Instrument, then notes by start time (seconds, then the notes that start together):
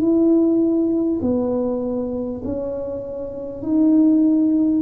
tuba
0.00 E4
1.22 B3
2.44 C#4
3.62 D#4